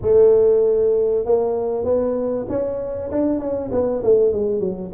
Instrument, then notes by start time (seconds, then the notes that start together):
tuba
0.01 A3
1.25 A#3
1.84 B3
2.49 C#4
3.11 D4
3.39 C#4
3.71 B3
4.03 A3
4.32 G#3
4.59 F#3